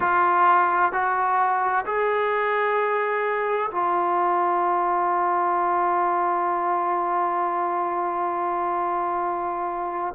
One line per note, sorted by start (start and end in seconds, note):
0.00 0.92 F4
0.92 1.84 F#4
1.85 3.70 G#4
3.71 10.14 F4